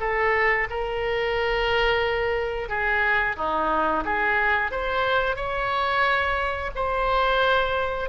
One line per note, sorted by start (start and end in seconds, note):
0.00 0.67 A4
0.70 2.68 A#4
2.68 3.36 G#4
3.36 4.04 D#4
4.04 4.71 G#4
4.71 5.36 C5
5.36 6.70 C#5
6.75 8.09 C5